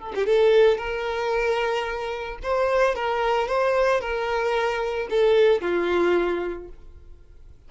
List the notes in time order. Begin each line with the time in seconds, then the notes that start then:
0.00 A4
0.15 G4
0.26 A4
0.78 A#4
2.43 C5
2.95 A#4
3.48 C5
4.01 A#4
5.10 A4
5.61 F4